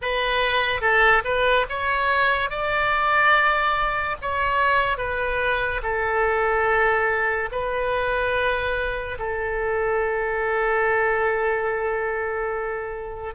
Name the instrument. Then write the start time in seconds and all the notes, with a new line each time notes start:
oboe
0.01 B4
0.81 A4
1.24 B4
1.69 C#5
2.50 D5
4.21 C#5
4.97 B4
5.83 A4
7.51 B4
9.18 A4